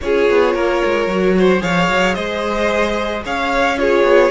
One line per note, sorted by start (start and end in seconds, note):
0.01 0.29 C#4
0.01 1.09 F4
0.01 0.54 G#4
0.01 1.61 C#5
0.29 0.54 B3
0.54 0.81 A#3
0.54 1.35 A#4
0.85 1.07 G#3
1.07 1.61 F#3
1.07 1.60 F#4
1.39 1.61 C5
1.60 1.89 F3
1.60 3.76 G#4
1.60 2.15 C#5
1.60 2.14 F5
1.89 2.16 F#3
2.14 3.24 G#3
2.14 3.23 C5
2.14 3.22 D#5
3.24 4.03 C#4
3.24 3.78 C#5
3.24 3.78 F5
3.77 4.31 F4
3.77 4.31 G#4
3.77 4.31 C#5
4.03 4.30 B3